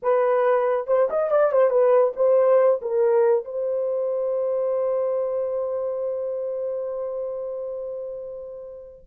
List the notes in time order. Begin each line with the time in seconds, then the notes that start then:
0.02 B4
0.87 C5
1.10 D#5
1.30 D5
1.52 C5
1.70 B4
2.16 C5
2.81 A#4
3.44 C5